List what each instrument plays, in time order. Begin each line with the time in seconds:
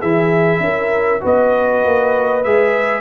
0.00 tuba E3, trombone E4, horn G#4, trumpet E5
0.60 tuba C#4, horn A#4
1.20 tuba B3, trombone F#4, horn B4, trumpet D#5
1.85 tuba A#3
2.43 tuba G#3, trombone G#4, trumpet E5